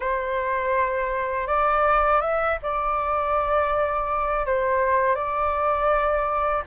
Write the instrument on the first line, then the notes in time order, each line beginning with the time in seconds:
flute
0.00 C5
1.47 D5
2.21 E5
2.62 D5
4.46 C5
5.15 D5